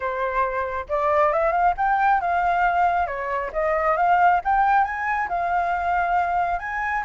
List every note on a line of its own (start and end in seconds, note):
0.00 0.86 C5
0.88 1.32 D5
1.32 1.52 E5
1.52 1.74 F5
1.77 2.21 G5
2.21 3.06 F5
3.06 3.51 C#5
3.53 3.96 D#5
3.96 4.40 F5
4.44 4.84 G5
4.84 5.28 G#5
5.29 6.59 F5
6.59 7.03 G#5